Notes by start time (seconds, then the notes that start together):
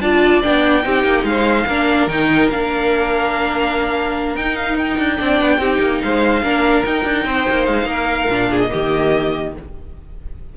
0.00 D4 F4 D5 A5
0.42 B3 D4 G5
0.82 C4 D#4 G4
1.03 A#3
1.23 G#3 C5 F5
1.66 A#3 D4 A#4
2.07 D#3 D#4 G5
2.50 A#3 D4 F5
4.35 D#4 G5
4.55 F5
4.78 G5
4.98 D4
5.17 C4 D4 D5
5.41 B3
5.58 C4 D#4 G4
5.79 A#3
6.01 G#3 C5 F5
6.41 A#3 D4 A#4
6.84 D#4 G5
7.04 D4
7.25 C4 C5
7.49 A#3
7.65 G#3 F5
7.85 A#3 A#4
8.28 A#2 D4
8.49 G#4
8.60 D#5
8.69 D#3 A#3 G4